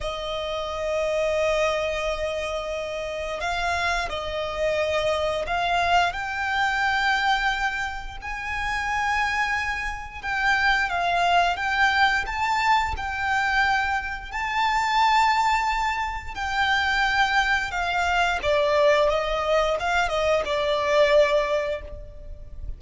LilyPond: \new Staff \with { instrumentName = "violin" } { \time 4/4 \tempo 4 = 88 dis''1~ | dis''4 f''4 dis''2 | f''4 g''2. | gis''2. g''4 |
f''4 g''4 a''4 g''4~ | g''4 a''2. | g''2 f''4 d''4 | dis''4 f''8 dis''8 d''2 | }